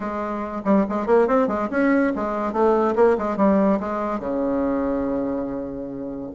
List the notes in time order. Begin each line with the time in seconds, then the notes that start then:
0.00 G#3
0.64 G3
0.89 G#3
1.06 A#3
1.27 C4
1.47 G#3
1.70 C#4
2.15 G#3
2.52 A3
2.95 A#3
3.18 G#3
3.36 G3
3.80 G#3
4.19 C#3